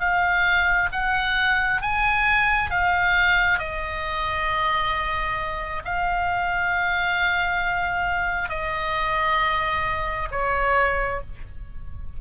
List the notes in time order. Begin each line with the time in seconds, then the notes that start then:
0.00 F5
0.92 F#5
1.82 G#5
2.70 F5
3.59 D#5
5.85 F5
8.49 D#5
10.31 C#5